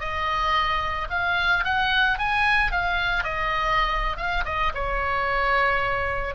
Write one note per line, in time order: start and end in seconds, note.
0.00 1.08 D#5
1.10 1.64 F5
1.65 2.18 F#5
2.18 2.71 G#5
2.71 3.24 F5
3.24 4.17 D#5
4.17 4.44 F5
4.45 4.72 D#5
4.75 6.35 C#5